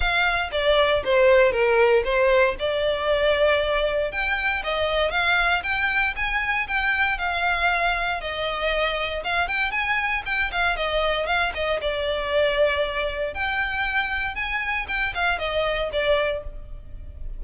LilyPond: \new Staff \with { instrumentName = "violin" } { \time 4/4 \tempo 4 = 117 f''4 d''4 c''4 ais'4 | c''4 d''2. | g''4 dis''4 f''4 g''4 | gis''4 g''4 f''2 |
dis''2 f''8 g''8 gis''4 | g''8 f''8 dis''4 f''8 dis''8 d''4~ | d''2 g''2 | gis''4 g''8 f''8 dis''4 d''4 | }